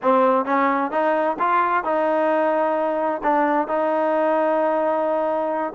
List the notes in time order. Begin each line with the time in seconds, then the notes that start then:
0.02 C4
0.45 C#4
0.91 D#4
1.39 F4
1.84 D#4
3.23 D4
3.67 D#4